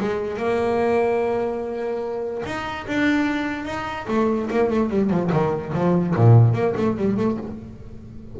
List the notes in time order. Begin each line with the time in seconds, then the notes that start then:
0.00 G#3
0.37 A#3
2.46 D#4
2.87 D4
3.65 D#4
4.08 A3
4.51 A#3
4.70 A3
4.90 G3
5.10 F3
5.32 D#3
5.74 F3
6.16 A#2
6.54 A#3
6.77 A3
6.98 G3
7.17 A3